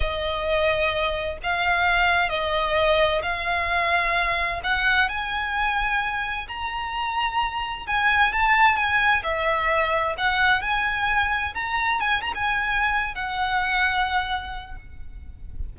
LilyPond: \new Staff \with { instrumentName = "violin" } { \time 4/4 \tempo 4 = 130 dis''2. f''4~ | f''4 dis''2 f''4~ | f''2 fis''4 gis''4~ | gis''2 ais''2~ |
ais''4 gis''4 a''4 gis''4 | e''2 fis''4 gis''4~ | gis''4 ais''4 gis''8 ais''16 gis''4~ gis''16~ | gis''8 fis''2.~ fis''8 | }